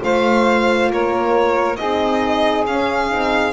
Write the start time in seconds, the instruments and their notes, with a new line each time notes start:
0.00 double bass A3, horn F4, saxophone C5, violin F5
0.90 double bass A#3, saxophone A#4, violin C#5
1.76 double bass C4, horn D#4, saxophone G#4, violin D#5
2.66 double bass C#4, horn C#4, violin F5
3.08 double bass C4, horn D#4